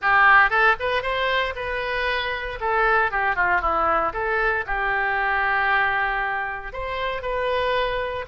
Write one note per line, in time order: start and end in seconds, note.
0.01 0.49 G4
0.49 0.75 A4
0.79 1.02 B4
1.02 1.54 C5
1.55 2.59 B4
2.60 3.11 A4
3.11 3.35 G4
3.35 3.61 F4
3.61 4.12 E4
4.13 4.64 A4
4.66 6.72 G4
6.72 7.22 C5
7.22 8.25 B4